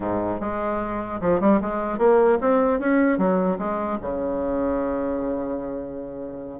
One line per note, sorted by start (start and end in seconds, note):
0.00 0.40 G#2
0.40 1.20 G#3
1.21 1.40 F3
1.40 1.60 G3
1.61 1.98 G#3
1.98 2.38 A#3
2.40 2.79 C4
2.79 3.18 C#4
3.18 3.58 F#3
3.58 3.98 G#3
4.01 6.60 C#3